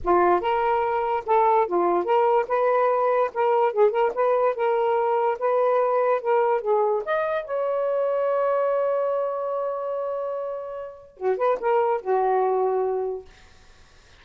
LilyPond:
\new Staff \with { instrumentName = "saxophone" } { \time 4/4 \tempo 4 = 145 f'4 ais'2 a'4 | f'4 ais'4 b'2 | ais'4 gis'8 ais'8 b'4 ais'4~ | ais'4 b'2 ais'4 |
gis'4 dis''4 cis''2~ | cis''1~ | cis''2. fis'8 b'8 | ais'4 fis'2. | }